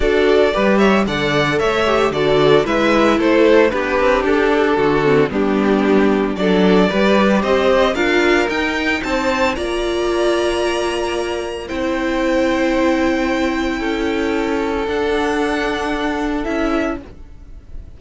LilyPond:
<<
  \new Staff \with { instrumentName = "violin" } { \time 4/4 \tempo 4 = 113 d''4. e''8 fis''4 e''4 | d''4 e''4 c''4 b'4 | a'2 g'2 | d''2 dis''4 f''4 |
g''4 a''4 ais''2~ | ais''2 g''2~ | g''1 | fis''2. e''4 | }
  \new Staff \with { instrumentName = "violin" } { \time 4/4 a'4 b'8 cis''8 d''4 cis''4 | a'4 b'4 a'4 g'4~ | g'4 fis'4 d'2 | a'4 b'4 c''4 ais'4~ |
ais'4 c''4 d''2~ | d''2 c''2~ | c''2 a'2~ | a'1 | }
  \new Staff \with { instrumentName = "viola" } { \time 4/4 fis'4 g'4 a'4. g'8 | fis'4 e'2 d'4~ | d'4. c'8 b2 | d'4 g'2 f'4 |
dis'2 f'2~ | f'2 e'2~ | e'1 | d'2. e'4 | }
  \new Staff \with { instrumentName = "cello" } { \time 4/4 d'4 g4 d4 a4 | d4 gis4 a4 b8 c'8 | d'4 d4 g2 | fis4 g4 c'4 d'4 |
dis'4 c'4 ais2~ | ais2 c'2~ | c'2 cis'2 | d'2. cis'4 | }
>>